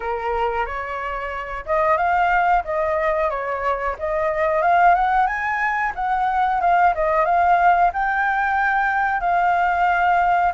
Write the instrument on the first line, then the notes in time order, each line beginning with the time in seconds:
flute
0.00 A#4
0.66 C#5
1.65 D#5
1.97 F5
2.64 D#5
3.30 C#5
3.99 D#5
4.62 F5
4.94 F#5
5.26 G#5
5.95 F#5
6.61 F5
6.94 D#5
7.25 F5
7.93 G5
9.20 F5